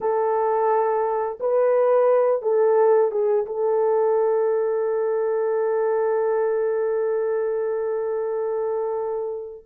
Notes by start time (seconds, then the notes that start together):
0.00 A4
1.39 B4
2.42 A4
3.11 G#4
3.45 A4